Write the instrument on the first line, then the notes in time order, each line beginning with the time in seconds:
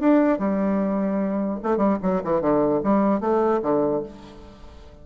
bassoon
0.00 D4
0.39 G3
1.63 A3
1.77 G3
2.02 F#3
2.24 E3
2.41 D3
2.84 G3
3.20 A3
3.63 D3